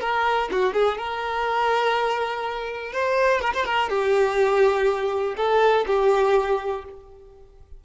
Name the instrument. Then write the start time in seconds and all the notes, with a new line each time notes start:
violin
0.00 A#4
0.51 F#4
0.73 G#4
0.98 A#4
2.93 C5
3.41 A#4
3.53 C5
3.65 A#4
3.89 G4
5.37 A4
5.86 G4